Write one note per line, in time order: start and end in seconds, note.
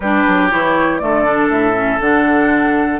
0.00 0.24 G3
0.00 0.51 D4
0.00 1.01 G4
0.00 0.49 B4
0.27 0.52 F#3
0.50 1.02 E3
0.50 1.00 E4
0.50 0.98 C#5
0.98 1.49 D3
0.98 1.24 A3
0.98 3.00 A4
0.98 1.48 D5
1.24 1.73 D4
1.49 1.99 A2
1.49 2.00 E5
1.73 1.98 C#4
2.00 3.00 D3
2.00 3.00 D4
2.00 3.00 F#5